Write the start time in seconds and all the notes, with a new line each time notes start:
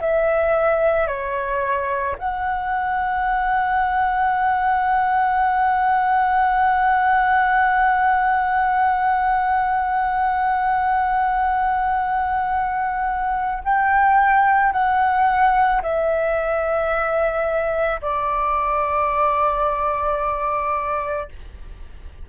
0.00 E5
1.07 C#5
2.18 F#5
13.64 G5
14.73 F#5
15.82 E5
18.01 D5